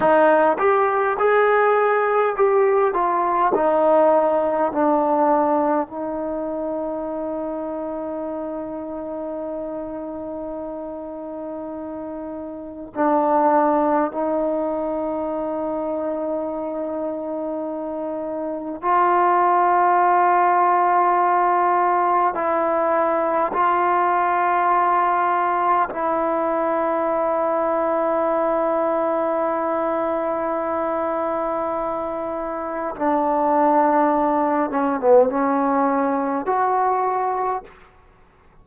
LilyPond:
\new Staff \with { instrumentName = "trombone" } { \time 4/4 \tempo 4 = 51 dis'8 g'8 gis'4 g'8 f'8 dis'4 | d'4 dis'2.~ | dis'2. d'4 | dis'1 |
f'2. e'4 | f'2 e'2~ | e'1 | d'4. cis'16 b16 cis'4 fis'4 | }